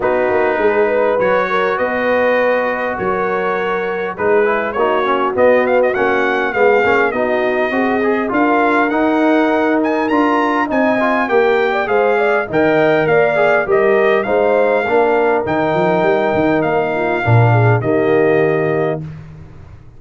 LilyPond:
<<
  \new Staff \with { instrumentName = "trumpet" } { \time 4/4 \tempo 4 = 101 b'2 cis''4 dis''4~ | dis''4 cis''2 b'4 | cis''4 dis''8 f''16 dis''16 fis''4 f''4 | dis''2 f''4 fis''4~ |
fis''8 gis''8 ais''4 gis''4 g''4 | f''4 g''4 f''4 dis''4 | f''2 g''2 | f''2 dis''2 | }
  \new Staff \with { instrumentName = "horn" } { \time 4/4 fis'4 gis'8 b'4 ais'8 b'4~ | b'4 ais'2 gis'4 | fis'2. gis'4 | fis'4 gis'4 ais'2~ |
ais'2 dis''4 ais'8. d''16 | c''8 d''8 dis''4 d''4 ais'4 | c''4 ais'2.~ | ais'8 f'8 ais'8 gis'8 g'2 | }
  \new Staff \with { instrumentName = "trombone" } { \time 4/4 dis'2 fis'2~ | fis'2. dis'8 e'8 | dis'8 cis'8 b4 cis'4 b8 cis'8 | dis'4 fis'8 gis'8 f'4 dis'4~ |
dis'4 f'4 dis'8 f'8 g'4 | gis'4 ais'4. gis'8 g'4 | dis'4 d'4 dis'2~ | dis'4 d'4 ais2 | }
  \new Staff \with { instrumentName = "tuba" } { \time 4/4 b8 ais8 gis4 fis4 b4~ | b4 fis2 gis4 | ais4 b4 ais4 gis8 ais8 | b4 c'4 d'4 dis'4~ |
dis'4 d'4 c'4 ais4 | gis4 dis4 ais4 g4 | gis4 ais4 dis8 f8 g8 dis8 | ais4 ais,4 dis2 | }
>>